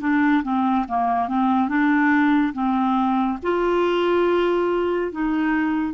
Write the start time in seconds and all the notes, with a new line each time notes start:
0.00 D4
0.43 C4
0.88 A#3
1.28 C4
1.68 D4
2.53 C4
3.42 F4
5.12 D#4